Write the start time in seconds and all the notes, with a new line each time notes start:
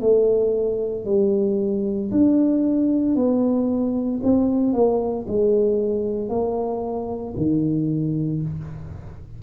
0.00 A3
1.05 G3
2.11 D4
3.15 B3
4.23 C4
4.73 A#3
5.28 G#3
6.29 A#3
7.36 D#3